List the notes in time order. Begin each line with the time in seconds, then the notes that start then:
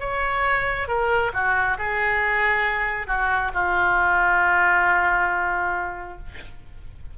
0.00 C#5
0.88 A#4
1.34 F#4
1.78 G#4
3.08 F#4
3.54 F4